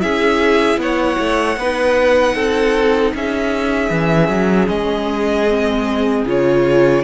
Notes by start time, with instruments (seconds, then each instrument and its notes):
0.00 cello C#4, viola E4, violin G#4 E5
0.77 cello B3, violin C#5 F#5
1.19 cello A3
1.57 cello B3, viola D#4, violin B4
2.35 cello C4, violin A4
3.14 cello C#4, violin G#4 E5
3.90 cello E3, viola C#4
4.29 cello F#3
4.68 cello G#3, violin D#5
5.48 viola C4
6.25 cello C#3, viola F4, violin C#5